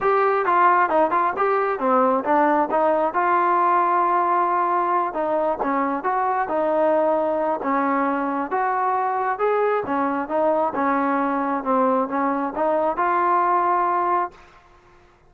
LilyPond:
\new Staff \with { instrumentName = "trombone" } { \time 4/4 \tempo 4 = 134 g'4 f'4 dis'8 f'8 g'4 | c'4 d'4 dis'4 f'4~ | f'2.~ f'8 dis'8~ | dis'8 cis'4 fis'4 dis'4.~ |
dis'4 cis'2 fis'4~ | fis'4 gis'4 cis'4 dis'4 | cis'2 c'4 cis'4 | dis'4 f'2. | }